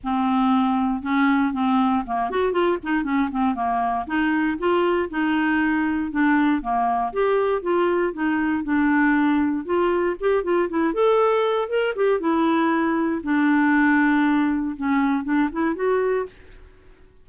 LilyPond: \new Staff \with { instrumentName = "clarinet" } { \time 4/4 \tempo 4 = 118 c'2 cis'4 c'4 | ais8 fis'8 f'8 dis'8 cis'8 c'8 ais4 | dis'4 f'4 dis'2 | d'4 ais4 g'4 f'4 |
dis'4 d'2 f'4 | g'8 f'8 e'8 a'4. ais'8 g'8 | e'2 d'2~ | d'4 cis'4 d'8 e'8 fis'4 | }